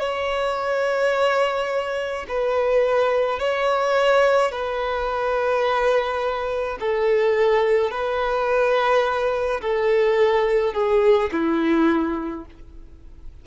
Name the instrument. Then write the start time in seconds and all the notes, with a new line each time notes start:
violin
0.00 C#5
2.29 B4
3.40 C#5
4.52 B4
6.80 A4
7.91 B4
9.62 A4
10.74 G#4
11.32 E4